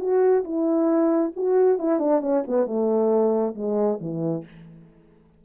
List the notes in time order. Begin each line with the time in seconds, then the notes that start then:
0.00 F#4
0.44 E4
1.36 F#4
1.79 E4
2.00 D4
2.21 C#4
2.48 B3
2.67 A3
3.55 G#3
4.01 E3